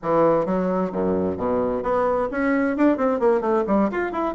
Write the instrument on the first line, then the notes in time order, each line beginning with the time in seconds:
bassoon
0.02 E3
0.45 F#3
0.92 F#2
1.37 B2
1.82 B3
2.31 C#4
2.76 D4
2.97 C4
3.19 A#3
3.41 A3
3.67 G3
3.91 F4
4.12 E4